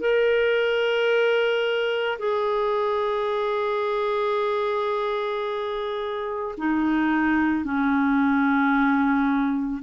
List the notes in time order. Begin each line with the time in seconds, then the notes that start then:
0.00 A#4
2.19 G#4
6.58 D#4
7.64 C#4